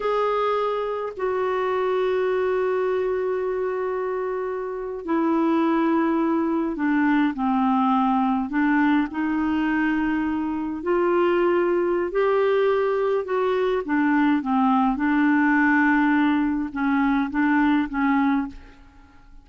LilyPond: \new Staff \with { instrumentName = "clarinet" } { \time 4/4 \tempo 4 = 104 gis'2 fis'2~ | fis'1~ | fis'8. e'2. d'16~ | d'8. c'2 d'4 dis'16~ |
dis'2~ dis'8. f'4~ f'16~ | f'4 g'2 fis'4 | d'4 c'4 d'2~ | d'4 cis'4 d'4 cis'4 | }